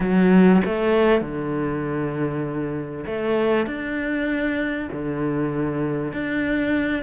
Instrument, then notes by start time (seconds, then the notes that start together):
cello
0.00 F#3
0.65 A3
1.21 D3
3.06 A3
3.66 D4
4.92 D3
6.12 D4